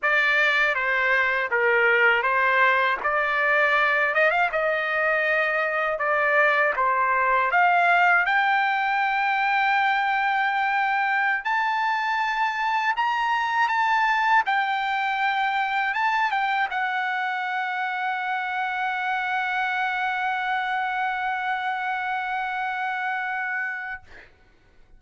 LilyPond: \new Staff \with { instrumentName = "trumpet" } { \time 4/4 \tempo 4 = 80 d''4 c''4 ais'4 c''4 | d''4. dis''16 f''16 dis''2 | d''4 c''4 f''4 g''4~ | g''2.~ g''16 a''8.~ |
a''4~ a''16 ais''4 a''4 g''8.~ | g''4~ g''16 a''8 g''8 fis''4.~ fis''16~ | fis''1~ | fis''1 | }